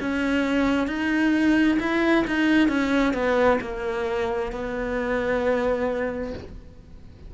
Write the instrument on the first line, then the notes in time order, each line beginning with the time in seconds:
cello
0.00 C#4
0.87 D#4
1.79 E4
2.26 D#4
2.68 C#4
3.13 B3
3.60 A#3
4.51 B3